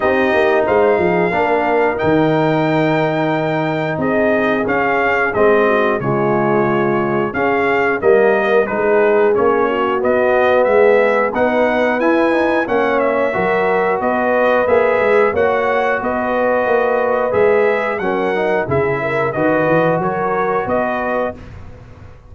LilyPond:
<<
  \new Staff \with { instrumentName = "trumpet" } { \time 4/4 \tempo 4 = 90 dis''4 f''2 g''4~ | g''2 dis''4 f''4 | dis''4 cis''2 f''4 | dis''4 b'4 cis''4 dis''4 |
e''4 fis''4 gis''4 fis''8 e''8~ | e''4 dis''4 e''4 fis''4 | dis''2 e''4 fis''4 | e''4 dis''4 cis''4 dis''4 | }
  \new Staff \with { instrumentName = "horn" } { \time 4/4 g'4 c''8 gis'8 ais'2~ | ais'2 gis'2~ | gis'8 fis'8 f'2 gis'4 | ais'4 gis'4. fis'4. |
gis'4 b'2 cis''4 | ais'4 b'2 cis''4 | b'2. ais'4 | gis'8 ais'8 b'4 ais'4 b'4 | }
  \new Staff \with { instrumentName = "trombone" } { \time 4/4 dis'2 d'4 dis'4~ | dis'2. cis'4 | c'4 gis2 cis'4 | ais4 dis'4 cis'4 b4~ |
b4 dis'4 e'8 dis'8 cis'4 | fis'2 gis'4 fis'4~ | fis'2 gis'4 cis'8 dis'8 | e'4 fis'2. | }
  \new Staff \with { instrumentName = "tuba" } { \time 4/4 c'8 ais8 gis8 f8 ais4 dis4~ | dis2 c'4 cis'4 | gis4 cis2 cis'4 | g4 gis4 ais4 b4 |
gis4 b4 e'4 ais4 | fis4 b4 ais8 gis8 ais4 | b4 ais4 gis4 fis4 | cis4 dis8 e8 fis4 b4 | }
>>